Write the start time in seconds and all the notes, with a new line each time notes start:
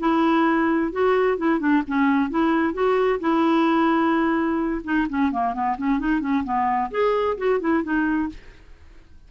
0.00 E4
0.93 F#4
1.38 E4
1.60 D4
1.88 C#4
2.30 E4
2.74 F#4
3.21 E4
4.84 D#4
5.10 C#4
5.32 A#3
5.54 B3
5.78 C#4
6.00 D#4
6.21 C#4
6.44 B3
6.91 G#4
7.38 F#4
7.60 E4
7.84 D#4